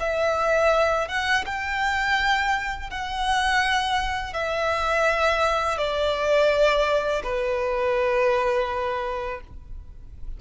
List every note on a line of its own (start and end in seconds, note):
0.00 1.08 E5
1.08 1.45 F#5
1.46 2.90 G5
2.90 4.33 F#5
4.33 5.78 E5
5.78 7.23 D5
7.24 9.40 B4